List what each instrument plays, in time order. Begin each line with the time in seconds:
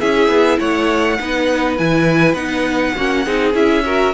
0.00 cello C#4, viola E4, violin G#4 E5
0.28 cello B3
0.59 cello A3, violin C#5 F#5
1.19 cello B3, viola D#4, violin B4
1.78 cello E3, viola E4, violin G#5
2.33 cello B3, viola D#4, violin F#5
2.96 cello A#3, viola C#4, violin F#4
3.25 cello C4, viola D#4, violin G#4
3.53 cello C#4, viola E4, violin E5
3.84 viola F#4, violin A#4